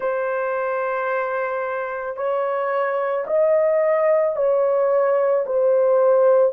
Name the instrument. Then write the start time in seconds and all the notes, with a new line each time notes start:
horn
0.00 C5
2.16 C#5
3.27 D#5
4.36 C#5
5.45 C5